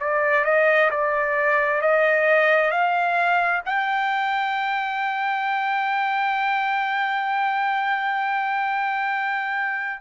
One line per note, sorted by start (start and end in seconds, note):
0.00 0.45 D5
0.45 0.90 D#5
0.91 1.82 D5
1.82 2.71 D#5
2.71 3.62 F5
3.66 10.02 G5